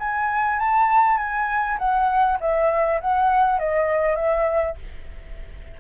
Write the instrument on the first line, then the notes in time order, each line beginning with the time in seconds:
flute
0.00 G#5
0.59 A5
1.18 G#5
1.79 F#5
2.41 E5
3.01 F#5
3.59 D#5
4.16 E5